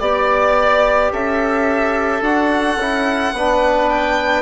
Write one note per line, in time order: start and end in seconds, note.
0.00 1.12 B3
0.00 2.22 G4
0.00 1.11 D5
0.00 1.13 D5
1.12 2.22 C#4
1.12 3.35 A4
1.12 2.24 E5
2.22 2.77 D4
2.22 2.78 F#4
2.22 3.90 F#5
2.77 3.32 C#4
2.77 3.36 E4
3.34 4.43 B3
3.34 4.43 D4
3.34 4.43 B4
3.90 4.43 G5